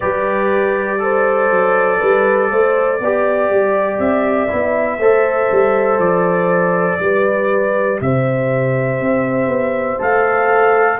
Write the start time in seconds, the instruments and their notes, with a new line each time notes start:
0.00 tuba G3, trombone G4, horn B4, trumpet D5
0.99 trombone A4, horn C5
1.50 tuba F#3
1.99 tuba G3, horn B4
2.50 tuba A3, horn C5
3.00 tuba B3, trombone G4, horn D5
3.50 tuba G3
3.99 tuba C4, trumpet E5
4.48 tuba B3, trombone E4
4.98 tuba A3, trombone A4, horn C5
5.51 tuba G3
5.98 tuba F3, trumpet D5
6.99 tuba G3, trombone G4, horn B4
8.01 tuba C3, horn C5, trumpet E5
9.00 tuba C4
9.47 tuba B3
9.98 tuba A3, trombone A4, trumpet F5